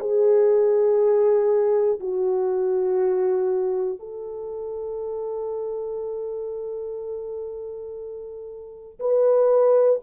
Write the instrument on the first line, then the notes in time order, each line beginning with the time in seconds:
horn
0.00 G#4
2.00 F#4
3.99 A4
9.00 B4